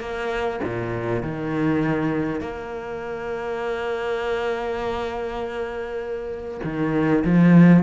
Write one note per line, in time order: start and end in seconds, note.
0.00 0.60 A#3
0.64 1.23 A#2
1.23 2.41 D#3
2.41 6.61 A#3
6.64 7.24 D#3
7.24 7.83 F3